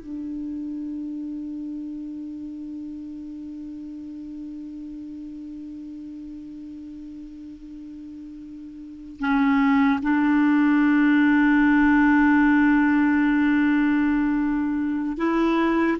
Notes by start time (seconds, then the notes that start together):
0.00 D4
9.20 C#4
10.02 D4
15.18 E4